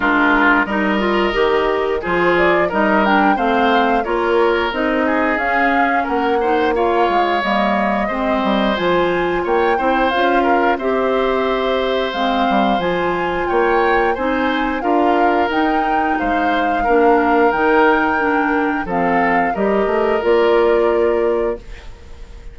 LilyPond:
<<
  \new Staff \with { instrumentName = "flute" } { \time 4/4 \tempo 4 = 89 ais'4 dis''2 c''8 d''8 | dis''8 g''8 f''4 cis''4 dis''4 | f''4 fis''4 f''4 dis''4~ | dis''4 gis''4 g''4 f''4 |
e''2 f''4 gis''4 | g''4 gis''4 f''4 g''4 | f''2 g''2 | f''4 dis''4 d''2 | }
  \new Staff \with { instrumentName = "oboe" } { \time 4/4 f'4 ais'2 gis'4 | ais'4 c''4 ais'4. gis'8~ | gis'4 ais'8 c''8 cis''2 | c''2 cis''8 c''4 ais'8 |
c''1 | cis''4 c''4 ais'2 | c''4 ais'2. | a'4 ais'2. | }
  \new Staff \with { instrumentName = "clarinet" } { \time 4/4 d'4 dis'8 f'8 g'4 f'4 | dis'8 d'8 c'4 f'4 dis'4 | cis'4. dis'8 f'4 ais4 | c'4 f'4. e'8 f'4 |
g'2 c'4 f'4~ | f'4 dis'4 f'4 dis'4~ | dis'4 d'4 dis'4 d'4 | c'4 g'4 f'2 | }
  \new Staff \with { instrumentName = "bassoon" } { \time 4/4 gis4 g4 dis4 f4 | g4 a4 ais4 c'4 | cis'4 ais4. gis8 g4 | gis8 g8 f4 ais8 c'8 cis'4 |
c'2 gis8 g8 f4 | ais4 c'4 d'4 dis'4 | gis4 ais4 dis2 | f4 g8 a8 ais2 | }
>>